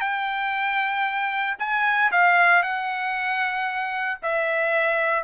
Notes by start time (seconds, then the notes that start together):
0.00 G5
1.58 G#5
2.11 F5
2.62 F#5
4.22 E5